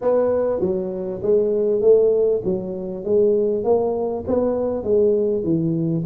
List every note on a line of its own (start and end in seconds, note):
0.01 0.60 B3
0.60 1.21 F#3
1.22 1.81 G#3
1.81 2.41 A3
2.44 3.04 F#3
3.04 3.64 G#3
3.64 4.24 A#3
4.27 4.83 B3
4.83 5.43 G#3
5.43 6.04 E3